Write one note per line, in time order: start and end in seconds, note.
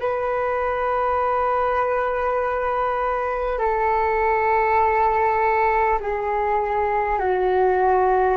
0.00 3.59 B4
3.59 5.99 A4
6.00 7.19 G#4
7.19 8.37 F#4